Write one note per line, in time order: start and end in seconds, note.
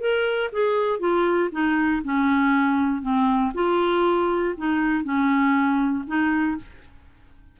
0.00 0.50 A#4
0.52 1.00 G#4
1.00 1.50 F4
1.52 2.03 D#4
2.04 3.02 C#4
3.02 3.52 C4
3.54 4.55 F4
4.58 5.04 D#4
5.04 6.05 C#4
6.07 6.58 D#4